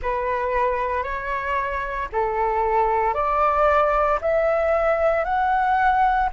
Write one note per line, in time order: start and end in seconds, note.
0.02 1.02 B4
1.02 2.08 C#5
2.12 3.13 A4
3.13 4.19 D5
4.21 5.24 E5
5.24 6.29 F#5